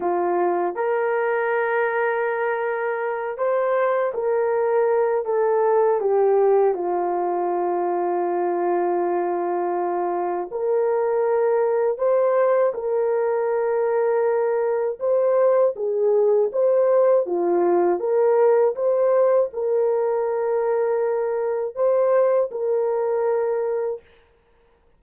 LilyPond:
\new Staff \with { instrumentName = "horn" } { \time 4/4 \tempo 4 = 80 f'4 ais'2.~ | ais'8 c''4 ais'4. a'4 | g'4 f'2.~ | f'2 ais'2 |
c''4 ais'2. | c''4 gis'4 c''4 f'4 | ais'4 c''4 ais'2~ | ais'4 c''4 ais'2 | }